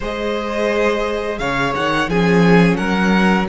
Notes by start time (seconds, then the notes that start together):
0.00 G#3 G#4 C5 D#5
1.38 C#3 C#5 F5
1.75 D#3 F#5
2.08 F3 C#4 G#4 G#5
2.76 F#3 A#4 F#5